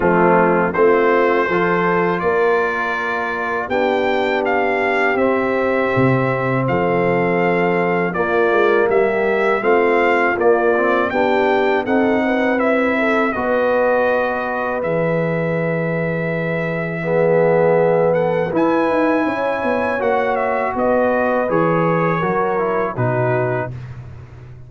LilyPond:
<<
  \new Staff \with { instrumentName = "trumpet" } { \time 4/4 \tempo 4 = 81 f'4 c''2 d''4~ | d''4 g''4 f''4 e''4~ | e''4 f''2 d''4 | e''4 f''4 d''4 g''4 |
fis''4 e''4 dis''2 | e''1~ | e''8 fis''8 gis''2 fis''8 e''8 | dis''4 cis''2 b'4 | }
  \new Staff \with { instrumentName = "horn" } { \time 4/4 c'4 f'4 a'4 ais'4~ | ais'4 g'2.~ | g'4 a'2 f'4 | g'4 f'2 g'4 |
a'8 b'4 a'8 b'2~ | b'2. gis'4~ | gis'8 a'8 b'4 cis''2 | b'2 ais'4 fis'4 | }
  \new Staff \with { instrumentName = "trombone" } { \time 4/4 a4 c'4 f'2~ | f'4 d'2 c'4~ | c'2. ais4~ | ais4 c'4 ais8 c'8 d'4 |
dis'4 e'4 fis'2 | gis'2. b4~ | b4 e'2 fis'4~ | fis'4 gis'4 fis'8 e'8 dis'4 | }
  \new Staff \with { instrumentName = "tuba" } { \time 4/4 f4 a4 f4 ais4~ | ais4 b2 c'4 | c4 f2 ais8 gis8 | g4 a4 ais4 b4 |
c'2 b2 | e1~ | e4 e'8 dis'8 cis'8 b8 ais4 | b4 e4 fis4 b,4 | }
>>